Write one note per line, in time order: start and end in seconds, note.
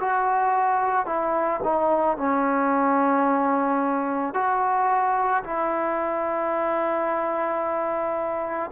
0.00 1.06 F#4
1.06 1.61 E4
1.64 2.17 D#4
2.17 4.34 C#4
4.34 5.43 F#4
5.44 8.71 E4